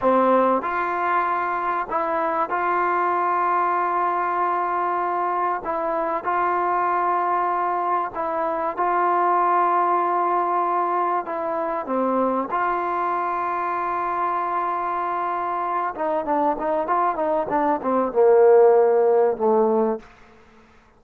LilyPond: \new Staff \with { instrumentName = "trombone" } { \time 4/4 \tempo 4 = 96 c'4 f'2 e'4 | f'1~ | f'4 e'4 f'2~ | f'4 e'4 f'2~ |
f'2 e'4 c'4 | f'1~ | f'4. dis'8 d'8 dis'8 f'8 dis'8 | d'8 c'8 ais2 a4 | }